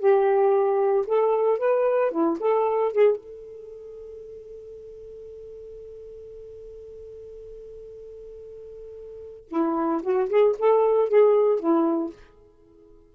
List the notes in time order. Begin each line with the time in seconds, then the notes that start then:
0.00 G4
1.07 A4
1.59 B4
2.11 E4
2.40 A4
2.93 G#4
3.17 A4
9.49 E4
10.03 F#4
10.29 G#4
10.59 A4
11.09 G#4
11.60 E4